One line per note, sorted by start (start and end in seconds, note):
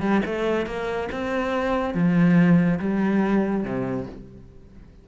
0.00 0.21 G3
0.25 0.66 A3
0.66 1.09 A#3
1.11 1.94 C4
1.94 2.79 F3
2.79 3.63 G3
3.63 4.06 C3